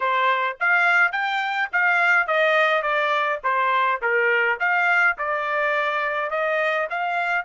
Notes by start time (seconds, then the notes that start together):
0.00 C5
0.60 F5
1.12 G5
1.72 F5
2.27 D#5
2.82 D5
3.43 C5
4.01 A#4
4.59 F5
5.18 D5
6.30 D#5
6.90 F5